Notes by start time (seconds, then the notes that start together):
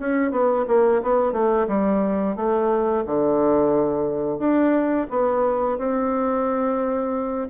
0.00 C#4
0.32 B3
0.68 A#3
1.03 B3
1.33 A3
1.68 G3
2.36 A3
3.07 D3
4.39 D4
5.10 B3
5.78 C4